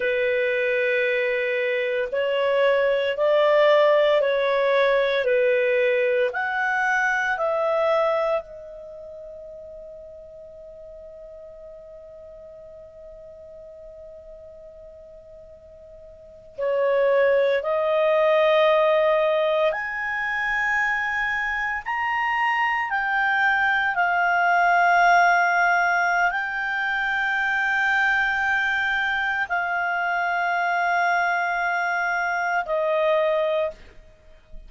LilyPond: \new Staff \with { instrumentName = "clarinet" } { \time 4/4 \tempo 4 = 57 b'2 cis''4 d''4 | cis''4 b'4 fis''4 e''4 | dis''1~ | dis''2.~ dis''8. cis''16~ |
cis''8. dis''2 gis''4~ gis''16~ | gis''8. ais''4 g''4 f''4~ f''16~ | f''4 g''2. | f''2. dis''4 | }